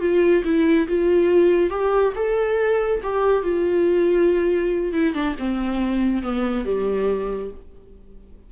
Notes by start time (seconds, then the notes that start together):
0.00 F4
0.44 E4
0.88 F4
1.70 G4
2.15 A4
3.03 G4
3.43 F4
4.93 E4
5.14 D4
5.38 C4
6.22 B3
6.65 G3